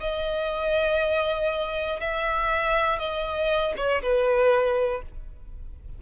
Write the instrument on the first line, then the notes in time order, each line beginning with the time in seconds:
violin
0.00 D#5
2.00 E5
2.99 D#5
3.76 C#5
4.02 B4